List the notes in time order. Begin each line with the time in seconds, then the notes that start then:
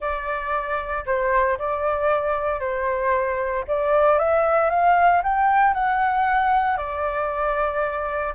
0.00 D5
1.06 C5
1.58 D5
2.59 C5
3.67 D5
4.18 E5
4.70 F5
5.23 G5
5.73 F#5
6.77 D5